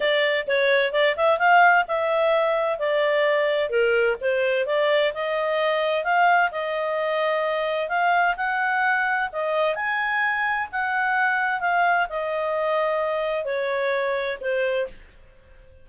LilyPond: \new Staff \with { instrumentName = "clarinet" } { \time 4/4 \tempo 4 = 129 d''4 cis''4 d''8 e''8 f''4 | e''2 d''2 | ais'4 c''4 d''4 dis''4~ | dis''4 f''4 dis''2~ |
dis''4 f''4 fis''2 | dis''4 gis''2 fis''4~ | fis''4 f''4 dis''2~ | dis''4 cis''2 c''4 | }